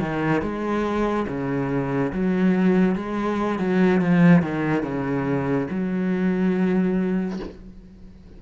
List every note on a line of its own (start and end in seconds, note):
0.00 0.41 D#3
0.41 1.26 G#3
1.28 2.12 C#3
2.12 2.95 F#3
2.95 3.59 G#3
3.59 4.01 F#3
4.01 4.42 F3
4.42 4.82 D#3
4.82 5.67 C#3
5.70 7.39 F#3